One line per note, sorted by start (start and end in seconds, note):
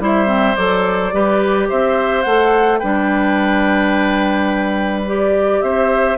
0.00 0.56 G3
0.00 0.27 E4
0.00 1.15 C5
0.00 0.56 E5
0.27 0.55 C4
0.56 1.14 F#3
0.56 1.13 A4
0.56 1.69 D5
1.13 1.70 G3
1.13 2.25 G4
1.13 1.69 B4
1.69 2.26 C4
1.69 2.80 C5
1.69 2.23 E5
2.23 2.82 A3
2.23 2.82 A4
2.23 2.79 F#5
2.79 5.62 G3
2.79 5.07 D4
2.79 5.60 B4
2.79 5.03 G5
5.07 6.18 G4
5.07 5.62 D5
5.62 6.18 C4
5.62 6.18 C5
5.62 6.18 E5